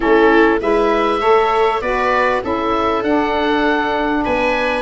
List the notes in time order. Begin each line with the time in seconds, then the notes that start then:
0.00 A3 C#4 E4 A4
0.60 G#3 E4 B4 E5
1.20 A3 A4 C#5
1.81 B3 F#4 B4 D5
2.42 C#4 E4 A4 E5
3.02 D4 F#5
4.24 B3 B4 G#5